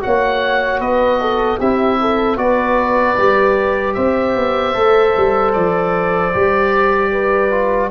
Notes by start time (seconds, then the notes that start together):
0.00 A#3 F#4 C#5 F#5
0.79 B3 B4 D#5
1.21 A4
1.59 C4 E4 G4 E5
2.01 A4
2.36 B3 F#4 B4 D5
3.17 G3 G4
3.94 C4 C5 E5
4.36 B3
4.74 A3 A4
5.17 G3
5.52 F3 D5
6.33 G3 G4
7.12 B4
7.51 F4